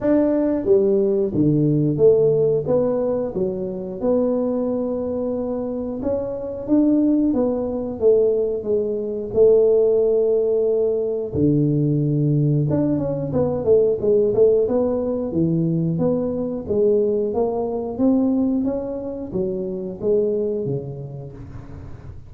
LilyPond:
\new Staff \with { instrumentName = "tuba" } { \time 4/4 \tempo 4 = 90 d'4 g4 d4 a4 | b4 fis4 b2~ | b4 cis'4 d'4 b4 | a4 gis4 a2~ |
a4 d2 d'8 cis'8 | b8 a8 gis8 a8 b4 e4 | b4 gis4 ais4 c'4 | cis'4 fis4 gis4 cis4 | }